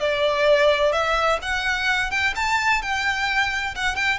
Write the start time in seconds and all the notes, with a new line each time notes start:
0.00 D5
0.92 E5
1.42 F#5
2.11 G5
2.36 A5
2.82 G5
3.75 F#5
3.96 G5